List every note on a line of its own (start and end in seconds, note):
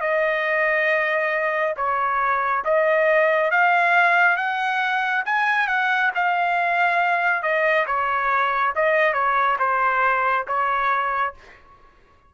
0.00 1.74 D#5
1.76 2.63 C#5
2.64 3.51 D#5
3.51 4.36 F5
4.36 5.23 F#5
5.25 5.67 G#5
5.67 6.11 F#5
6.15 7.42 F5
7.42 7.86 D#5
7.86 8.73 C#5
8.75 9.13 D#5
9.13 9.57 C#5
9.59 10.46 C5
10.47 11.34 C#5